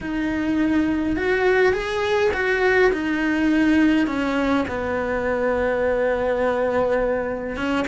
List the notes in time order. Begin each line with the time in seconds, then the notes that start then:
0.00 D#4
1.16 F#4
1.73 G#4
2.33 F#4
2.92 D#4
4.06 C#4
4.68 B3
7.56 C#4